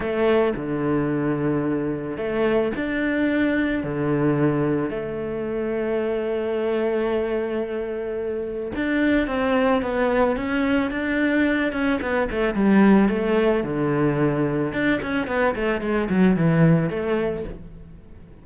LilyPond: \new Staff \with { instrumentName = "cello" } { \time 4/4 \tempo 4 = 110 a4 d2. | a4 d'2 d4~ | d4 a2.~ | a1 |
d'4 c'4 b4 cis'4 | d'4. cis'8 b8 a8 g4 | a4 d2 d'8 cis'8 | b8 a8 gis8 fis8 e4 a4 | }